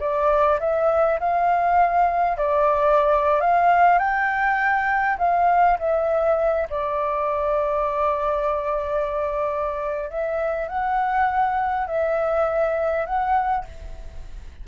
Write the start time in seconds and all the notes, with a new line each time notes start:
0.00 D5
0.60 E5
1.20 F5
2.37 D5
3.41 F5
3.99 G5
5.18 F5
5.79 E5
6.70 D5
10.10 E5
10.68 F#5
11.87 E5
13.06 F#5